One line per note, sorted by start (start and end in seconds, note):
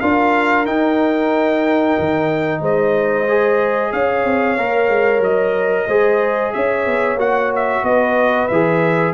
0.00 0.66 D4
0.00 0.66 F4
0.00 2.61 A#4
0.00 0.65 F5
0.66 1.96 D#4
0.66 3.27 D#4
0.66 2.61 G5
1.99 2.61 D#3
2.61 3.91 G#3
2.61 3.91 C5
2.61 3.92 D#5
3.28 4.58 G#4
3.92 4.25 C#4
3.92 5.87 C#5
3.92 5.22 F5
4.25 4.57 C4
4.57 4.88 A#3
4.57 5.88 A#4
4.88 5.20 G#3
5.20 5.85 F#3
5.20 6.53 D#5
5.87 6.52 G#3
5.87 7.18 G#4
5.87 6.53 C5
6.53 6.86 C#4
6.53 7.84 C#5
6.53 7.18 E5
6.86 7.16 B3
7.16 7.81 A#3
7.16 8.49 F#4
7.16 7.52 F#5
7.55 7.85 E5
7.83 8.48 B3
7.83 9.14 B4
7.83 8.48 D#5
8.48 9.14 E3
8.48 9.14 G#4
8.48 9.13 E5